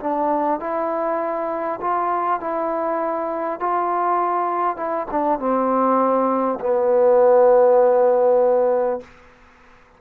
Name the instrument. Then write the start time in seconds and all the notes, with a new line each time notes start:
trombone
0.00 D4
0.60 E4
1.81 F4
2.40 E4
3.60 F4
4.77 E4
5.11 D4
5.39 C4
6.61 B3